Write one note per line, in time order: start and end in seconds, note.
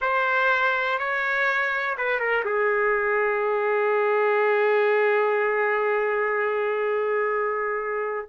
0.01 0.98 C5
0.99 1.96 C#5
1.97 2.19 B4
2.19 2.43 A#4
2.45 8.29 G#4